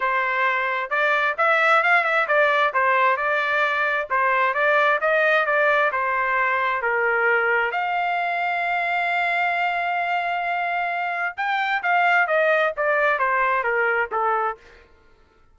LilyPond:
\new Staff \with { instrumentName = "trumpet" } { \time 4/4 \tempo 4 = 132 c''2 d''4 e''4 | f''8 e''8 d''4 c''4 d''4~ | d''4 c''4 d''4 dis''4 | d''4 c''2 ais'4~ |
ais'4 f''2.~ | f''1~ | f''4 g''4 f''4 dis''4 | d''4 c''4 ais'4 a'4 | }